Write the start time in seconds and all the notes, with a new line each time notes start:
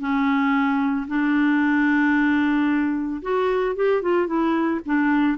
0.00 C#4
1.08 D4
3.22 F#4
3.76 G4
4.03 F4
4.27 E4
4.86 D4